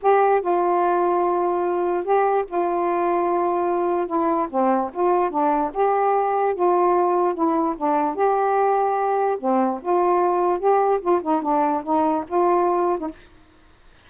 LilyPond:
\new Staff \with { instrumentName = "saxophone" } { \time 4/4 \tempo 4 = 147 g'4 f'2.~ | f'4 g'4 f'2~ | f'2 e'4 c'4 | f'4 d'4 g'2 |
f'2 e'4 d'4 | g'2. c'4 | f'2 g'4 f'8 dis'8 | d'4 dis'4 f'4.~ f'16 dis'16 | }